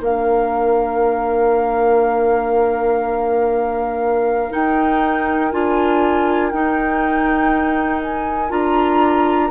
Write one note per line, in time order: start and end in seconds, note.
0.00 4.50 A#3
0.00 4.50 D4
0.00 9.51 A#4
0.00 4.53 F5
4.50 5.50 D#4
4.50 5.53 D#4
4.50 5.51 G5
5.51 6.52 D4
5.51 6.52 F4
5.51 6.51 G#5
6.51 8.51 D#4
6.51 8.49 D#4
6.51 8.01 G5
8.02 8.51 G#5
8.49 9.51 D4
8.49 9.49 F4
8.49 9.51 A#5